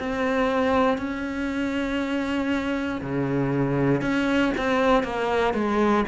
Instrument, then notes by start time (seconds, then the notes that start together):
cello
0.00 C4
0.98 C#4
3.02 C#3
4.02 C#4
4.58 C4
5.03 A#3
5.54 G#3